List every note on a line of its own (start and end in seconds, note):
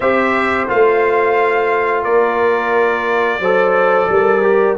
0.00 0.68 C4
0.00 0.68 G4
0.00 2.03 C5
0.00 0.67 E5
0.68 2.05 A3
0.68 3.40 F4
0.68 2.03 F5
2.03 3.39 A#3
2.03 3.39 A#4
2.03 4.76 D5
3.39 4.07 F#3
3.39 4.41 A4
3.39 4.09 C5
4.08 4.76 G3
4.08 4.77 A#4
4.41 4.76 G4